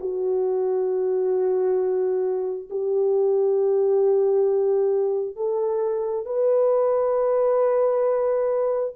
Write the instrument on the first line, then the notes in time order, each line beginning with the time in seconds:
horn
0.00 F#4
2.70 G4
5.36 A4
6.26 B4